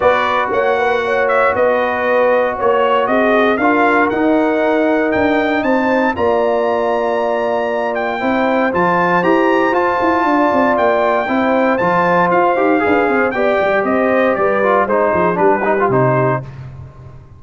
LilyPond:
<<
  \new Staff \with { instrumentName = "trumpet" } { \time 4/4 \tempo 4 = 117 d''4 fis''4. e''8 dis''4~ | dis''4 cis''4 dis''4 f''4 | fis''2 g''4 a''4 | ais''2.~ ais''8 g''8~ |
g''4 a''4 ais''4 a''4~ | a''4 g''2 a''4 | f''2 g''4 dis''4 | d''4 c''4 b'4 c''4 | }
  \new Staff \with { instrumentName = "horn" } { \time 4/4 b'4 cis''8 b'8 cis''4 b'4~ | b'4 cis''4 gis'4 ais'4~ | ais'2. c''4 | d''1 |
c''1 | d''2 c''2~ | c''4 b'8 c''8 d''4 c''4 | b'4 c''8 gis'8 g'2 | }
  \new Staff \with { instrumentName = "trombone" } { \time 4/4 fis'1~ | fis'2. f'4 | dis'1 | f'1 |
e'4 f'4 g'4 f'4~ | f'2 e'4 f'4~ | f'8 g'8 gis'4 g'2~ | g'8 f'8 dis'4 d'8 dis'16 f'16 dis'4 | }
  \new Staff \with { instrumentName = "tuba" } { \time 4/4 b4 ais2 b4~ | b4 ais4 c'4 d'4 | dis'2 d'4 c'4 | ais1 |
c'4 f4 e'4 f'8 e'8 | d'8 c'8 ais4 c'4 f4 | f'8 dis'8 d'8 c'8 b8 g8 c'4 | g4 gis8 f8 g4 c4 | }
>>